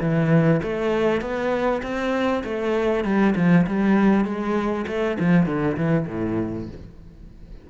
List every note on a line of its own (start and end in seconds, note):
0.00 0.61 E3
0.62 1.21 A3
1.21 1.81 B3
1.82 2.43 C4
2.44 3.04 A3
3.04 3.34 G3
3.36 3.66 F3
3.66 4.25 G3
4.25 4.85 G#3
4.87 5.17 A3
5.19 5.46 F3
5.46 5.76 D3
5.76 6.07 E3
6.07 6.68 A2